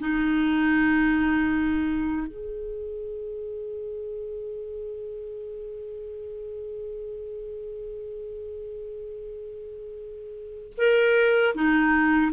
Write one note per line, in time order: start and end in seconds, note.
0.00 2.28 D#4
2.28 10.74 G#4
10.78 11.55 A#4
11.55 12.32 D#4